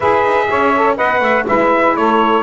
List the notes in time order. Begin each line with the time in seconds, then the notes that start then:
0.00 E4 G#4 B4 E5
0.24 D#4
0.49 C#4 C#5
0.75 A4
0.95 B3 B4 D#5 F#5
1.20 A3 E5
1.47 G#3 E4 B4 E5
1.96 A3 A4 C#5